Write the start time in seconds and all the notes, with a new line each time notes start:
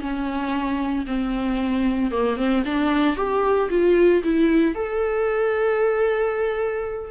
0.00 C#4
1.06 C4
2.11 A#3
2.37 C4
2.65 D4
3.16 G4
3.69 F4
4.23 E4
4.74 A4